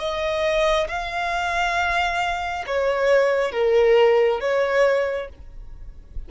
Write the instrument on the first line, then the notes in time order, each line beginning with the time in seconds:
violin
0.00 D#5
0.89 F5
2.67 C#5
3.53 A#4
4.41 C#5